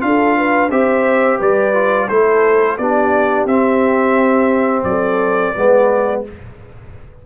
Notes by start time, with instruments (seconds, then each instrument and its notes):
0.00 tuba D4, trombone F4, horn A4, trumpet F5
0.37 horn B4
0.70 tuba C4, trombone G4, horn C5, trumpet E5
1.39 tuba G3, horn B4, trumpet D5
1.74 trombone F4
2.08 tuba A3, trombone E4, horn A4, trumpet C5
2.77 tuba B3, trombone D4, horn G4, trumpet D5
3.45 tuba C4, trombone C4, trumpet E5
4.83 tuba F#3, horn A4, trumpet D5
5.54 tuba G#3, trombone B3, horn B4